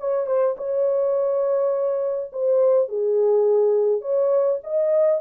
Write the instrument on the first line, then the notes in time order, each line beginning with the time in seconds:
horn
0.00 C#5
0.27 C5
0.57 C#5
2.33 C5
2.89 G#4
4.01 C#5
4.64 D#5